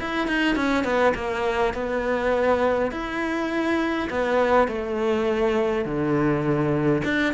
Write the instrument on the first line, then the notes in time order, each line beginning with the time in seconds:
cello
0.00 E4
0.27 D#4
0.55 C#4
0.84 B3
1.14 A#3
1.74 B3
2.91 E4
4.09 B3
4.67 A3
5.84 D3
7.04 D4